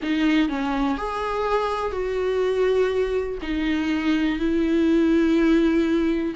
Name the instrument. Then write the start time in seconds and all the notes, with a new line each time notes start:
viola
0.02 D#4
0.48 C#4
0.97 G#4
1.92 F#4
3.42 D#4
4.39 E4